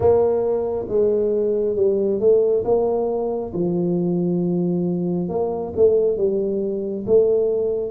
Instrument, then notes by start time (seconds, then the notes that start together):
tuba
0.00 A#3
0.88 G#3
1.76 G3
2.19 A3
2.64 A#3
3.53 F3
5.28 A#3
5.76 A3
6.17 G3
7.06 A3